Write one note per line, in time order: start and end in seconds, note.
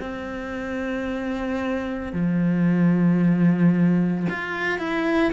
0.00 2.13 C4
2.13 4.27 F3
4.30 4.79 F4
4.79 5.32 E4